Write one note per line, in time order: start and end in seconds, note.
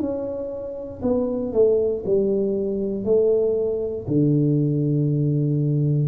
0.00 1.02 C#4
1.03 1.53 B3
1.53 2.04 A3
2.06 3.05 G3
3.05 4.06 A3
4.08 6.08 D3